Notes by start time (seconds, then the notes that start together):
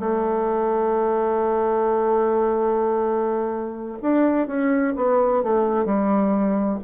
0.00 A3
4.02 D4
4.47 C#4
4.96 B3
5.43 A3
5.86 G3